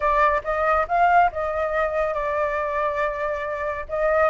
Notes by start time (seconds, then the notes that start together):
0.00 D5
0.43 D#5
0.87 F5
1.31 D#5
2.14 D5
3.89 D#5